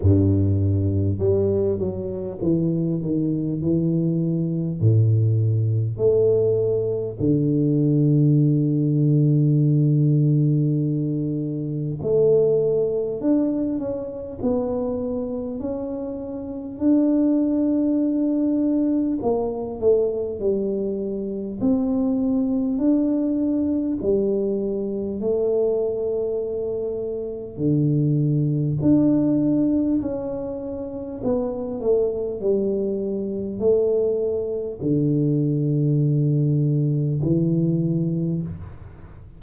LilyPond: \new Staff \with { instrumentName = "tuba" } { \time 4/4 \tempo 4 = 50 g,4 g8 fis8 e8 dis8 e4 | a,4 a4 d2~ | d2 a4 d'8 cis'8 | b4 cis'4 d'2 |
ais8 a8 g4 c'4 d'4 | g4 a2 d4 | d'4 cis'4 b8 a8 g4 | a4 d2 e4 | }